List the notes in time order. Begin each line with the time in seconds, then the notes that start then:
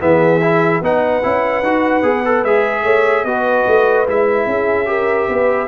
0.00 E3 B3 G#4 E5
0.42 E4
0.81 B3 D#4 B4 F#5
1.23 C#4 E4
1.62 D#4 F#4
2.03 B3 G#4
2.25 A4
2.43 G#3 G#4 E5
2.83 A3 C#5
3.24 B3 F#4 B4 D#5
3.67 A3
4.07 G#3 E4 E5
4.46 C#4 G#4
4.86 G4 A#4
5.28 B3 B4